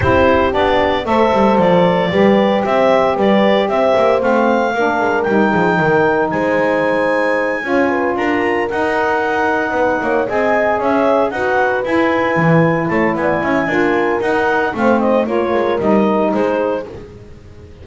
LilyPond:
<<
  \new Staff \with { instrumentName = "clarinet" } { \time 4/4 \tempo 4 = 114 c''4 d''4 e''4 d''4~ | d''4 e''4 d''4 e''4 | f''2 g''2 | gis''2.~ gis''8 ais''8~ |
ais''8 fis''2. gis''8~ | gis''8 e''4 fis''4 gis''4.~ | gis''8 a''8 gis''2 fis''4 | f''8 dis''8 cis''4 dis''4 c''4 | }
  \new Staff \with { instrumentName = "horn" } { \time 4/4 g'2 c''2 | b'4 c''4 b'4 c''4~ | c''4 ais'4. gis'8 ais'4 | c''2~ c''8 cis''8 b'8 ais'8~ |
ais'2~ ais'8 b'8 cis''8 dis''8~ | dis''8 cis''4 b'2~ b'8~ | b'8 cis''8 d''8 e''8 ais'2 | c''4 ais'2 gis'4 | }
  \new Staff \with { instrumentName = "saxophone" } { \time 4/4 e'4 d'4 a'2 | g'1 | c'4 d'4 dis'2~ | dis'2~ dis'8 f'4.~ |
f'8 dis'2. gis'8~ | gis'4. fis'4 e'4.~ | e'2 f'4 dis'4 | c'4 f'4 dis'2 | }
  \new Staff \with { instrumentName = "double bass" } { \time 4/4 c'4 b4 a8 g8 f4 | g4 c'4 g4 c'8 ais8 | a4 ais8 gis8 g8 f8 dis4 | gis2~ gis8 cis'4 d'8~ |
d'8 dis'2 b8 ais8 c'8~ | c'8 cis'4 dis'4 e'4 e8~ | e8 a8 b8 cis'8 d'4 dis'4 | a4 ais8 gis8 g4 gis4 | }
>>